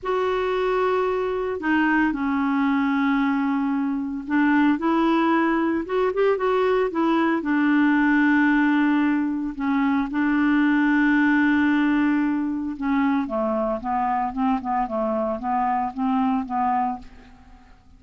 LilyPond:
\new Staff \with { instrumentName = "clarinet" } { \time 4/4 \tempo 4 = 113 fis'2. dis'4 | cis'1 | d'4 e'2 fis'8 g'8 | fis'4 e'4 d'2~ |
d'2 cis'4 d'4~ | d'1 | cis'4 a4 b4 c'8 b8 | a4 b4 c'4 b4 | }